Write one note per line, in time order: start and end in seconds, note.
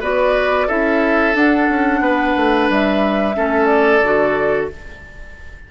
0.00 0.67 B3
0.00 0.68 F#4
0.00 0.67 B4
0.00 0.68 D5
0.67 1.34 C#4
0.67 1.33 E4
0.67 2.00 A4
0.67 1.35 E5
1.33 3.33 D4
1.33 1.67 D4
1.33 2.69 F#5
1.69 2.00 C#4
2.00 2.33 B3
2.00 3.36 B4
2.36 2.69 A3
2.69 3.36 G3
2.69 3.65 E5
3.34 4.01 A3
3.34 4.01 C#4
3.34 4.70 A4
3.65 4.65 D5
4.01 4.68 D3
4.01 4.71 F#4